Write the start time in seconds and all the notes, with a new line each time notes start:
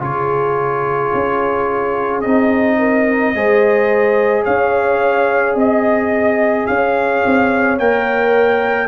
0.00 C#3 F4 G#4 C#5
1.14 C#4
2.21 C4 D#4 D#5
2.78 A#4
3.34 G#3 G#4 C5
4.44 C#4 C#5 F5
5.54 C4 D#5
6.66 C#4 C#5 F5
7.25 C4
7.78 A#3 A#4 G5